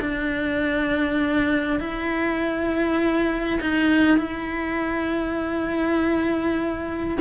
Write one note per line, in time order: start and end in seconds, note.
0.00 1.79 D4
1.79 3.59 E4
3.61 4.17 D#4
4.17 7.17 E4